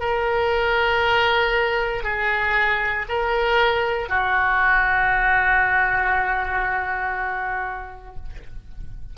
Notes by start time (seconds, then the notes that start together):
0.00 A#4
2.03 G#4
3.08 A#4
4.09 F#4